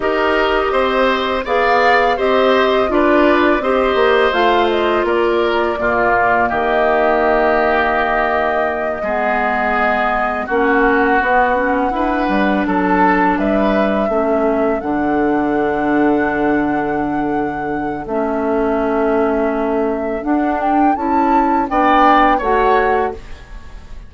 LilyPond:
<<
  \new Staff \with { instrumentName = "flute" } { \time 4/4 \tempo 4 = 83 dis''2 f''4 dis''4 | d''4 dis''4 f''8 dis''8 d''4~ | d''4 dis''2.~ | dis''2~ dis''8 fis''4.~ |
fis''4. a''4 e''4.~ | e''8 fis''2.~ fis''8~ | fis''4 e''2. | fis''8 g''8 a''4 g''4 fis''4 | }
  \new Staff \with { instrumentName = "oboe" } { \time 4/4 ais'4 c''4 d''4 c''4 | b'4 c''2 ais'4 | f'4 g'2.~ | g'8 gis'2 fis'4.~ |
fis'8 b'4 a'4 b'4 a'8~ | a'1~ | a'1~ | a'2 d''4 cis''4 | }
  \new Staff \with { instrumentName = "clarinet" } { \time 4/4 g'2 gis'4 g'4 | f'4 g'4 f'2 | ais1~ | ais8 b2 cis'4 b8 |
cis'8 d'2. cis'8~ | cis'8 d'2.~ d'8~ | d'4 cis'2. | d'4 e'4 d'4 fis'4 | }
  \new Staff \with { instrumentName = "bassoon" } { \time 4/4 dis'4 c'4 b4 c'4 | d'4 c'8 ais8 a4 ais4 | ais,4 dis2.~ | dis8 gis2 ais4 b8~ |
b8 e'8 g8 fis4 g4 a8~ | a8 d2.~ d8~ | d4 a2. | d'4 cis'4 b4 a4 | }
>>